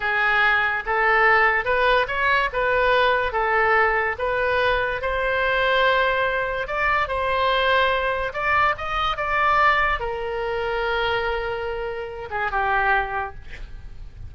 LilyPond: \new Staff \with { instrumentName = "oboe" } { \time 4/4 \tempo 4 = 144 gis'2 a'2 | b'4 cis''4 b'2 | a'2 b'2 | c''1 |
d''4 c''2. | d''4 dis''4 d''2 | ais'1~ | ais'4. gis'8 g'2 | }